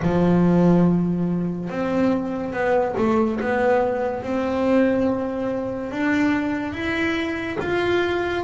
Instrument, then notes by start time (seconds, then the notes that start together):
double bass
0.02 F3
1.69 C4
2.52 B3
2.97 A3
3.40 B3
4.23 C4
5.91 D4
6.72 E4
7.60 F4